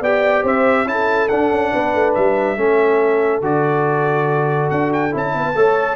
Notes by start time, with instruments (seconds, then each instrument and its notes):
0.00 tuba B3, trombone G4, horn D5, trumpet G5
0.43 tuba C4, horn C5, trumpet E5
0.85 tuba C#4, trombone E4, trumpet A5
0.91 horn A4
1.28 tuba D4, trombone D4, trumpet F#5
1.51 tuba C#4
1.72 tuba B3, horn B4
1.94 tuba A3
2.14 tuba G3, trumpet E5
2.56 tuba A3, trombone C#4, horn A4
3.41 tuba D3, trombone F#4, trumpet D5
4.70 tuba D4, trumpet F#5
4.93 trumpet G5
5.11 tuba C#4, trombone E4, trumpet A5
5.34 tuba B3, horn B4
5.55 tuba A3, trombone A4, horn C#5